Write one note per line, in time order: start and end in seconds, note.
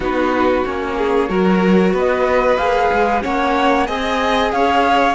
0.00 0.65 B3
0.00 0.65 D#4
0.00 0.96 F#4
0.00 0.64 B4
0.64 1.29 A#3
0.64 1.28 C#4
0.64 1.93 C#5
0.97 1.29 G#4
1.28 1.93 F#3
1.28 2.58 F#4
1.28 1.93 A#4
1.93 2.57 B3
1.93 3.22 B4
1.93 2.57 D#5
2.57 2.90 A#3
2.57 3.22 G#4
2.57 3.21 F5
2.92 3.24 G#3
3.22 3.88 A#3
3.22 3.86 C#4
3.22 3.87 C#5
3.22 3.87 F#5
3.86 4.52 C4
3.86 5.14 G#4
3.86 4.51 D#5
3.86 4.51 G#5
4.51 5.14 C#4
4.51 5.14 C#5
4.51 5.14 F5